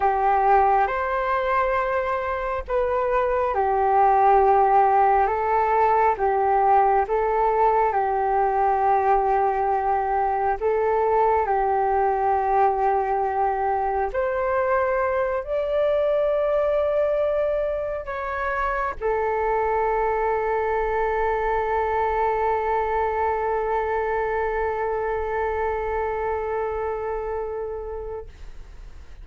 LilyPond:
\new Staff \with { instrumentName = "flute" } { \time 4/4 \tempo 4 = 68 g'4 c''2 b'4 | g'2 a'4 g'4 | a'4 g'2. | a'4 g'2. |
c''4. d''2~ d''8~ | d''8 cis''4 a'2~ a'8~ | a'1~ | a'1 | }